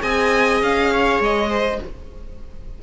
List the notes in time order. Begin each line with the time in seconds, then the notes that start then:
0.00 C4 G#4 D#5 G#5
0.61 C#4 F5
0.93 C#5
1.19 G#3 D#5
1.49 C5